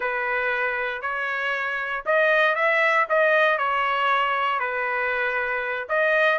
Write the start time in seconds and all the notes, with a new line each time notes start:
0.00 B4
1.01 C#5
2.05 D#5
2.55 E5
3.09 D#5
3.58 C#5
4.59 B4
5.88 D#5